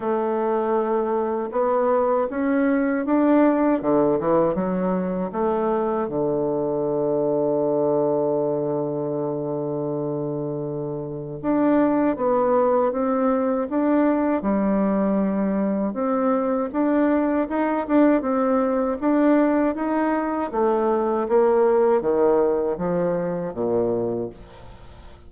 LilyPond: \new Staff \with { instrumentName = "bassoon" } { \time 4/4 \tempo 4 = 79 a2 b4 cis'4 | d'4 d8 e8 fis4 a4 | d1~ | d2. d'4 |
b4 c'4 d'4 g4~ | g4 c'4 d'4 dis'8 d'8 | c'4 d'4 dis'4 a4 | ais4 dis4 f4 ais,4 | }